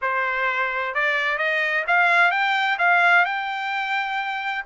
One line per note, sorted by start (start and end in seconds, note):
0.01 0.94 C5
0.94 1.38 D5
1.38 1.84 D#5
1.87 2.31 F5
2.31 2.77 G5
2.78 3.25 F5
3.25 4.64 G5